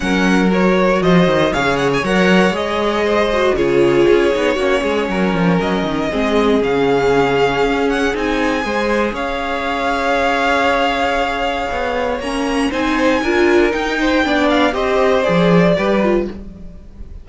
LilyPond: <<
  \new Staff \with { instrumentName = "violin" } { \time 4/4 \tempo 4 = 118 fis''4 cis''4 dis''4 f''8 fis''16 gis''16 | fis''4 dis''2 cis''4~ | cis''2. dis''4~ | dis''4 f''2~ f''8 fis''8 |
gis''2 f''2~ | f''1 | ais''4 gis''2 g''4~ | g''8 f''8 dis''4 d''2 | }
  \new Staff \with { instrumentName = "violin" } { \time 4/4 ais'2 c''4 cis''4~ | cis''2 c''4 gis'4~ | gis'4 fis'8 gis'8 ais'2 | gis'1~ |
gis'4 c''4 cis''2~ | cis''1~ | cis''4 c''4 ais'4. c''8 | d''4 c''2 b'4 | }
  \new Staff \with { instrumentName = "viola" } { \time 4/4 cis'4 fis'2 gis'4 | ais'4 gis'4. fis'8 f'4~ | f'8 dis'8 cis'2. | c'4 cis'2. |
dis'4 gis'2.~ | gis'1 | cis'4 dis'4 f'4 dis'4 | d'4 g'4 gis'4 g'8 f'8 | }
  \new Staff \with { instrumentName = "cello" } { \time 4/4 fis2 f8 dis8 cis4 | fis4 gis2 cis4 | cis'8 b8 ais8 gis8 fis8 f8 fis8 dis8 | gis4 cis2 cis'4 |
c'4 gis4 cis'2~ | cis'2. b4 | ais4 c'4 d'4 dis'4 | b4 c'4 f4 g4 | }
>>